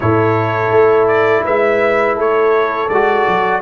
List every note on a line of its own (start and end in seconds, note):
0.00 0.71 A2
0.00 2.88 E4
0.00 1.44 A4
0.00 1.07 C#5
0.71 1.43 A3
1.07 1.43 D5
1.44 2.16 G#3
1.44 2.16 B4
1.44 2.17 E5
2.16 2.88 A3
2.16 3.60 A4
2.16 2.88 C#5
2.88 3.25 G#3
2.88 3.62 F#4
2.88 3.61 D5
3.27 3.62 F#3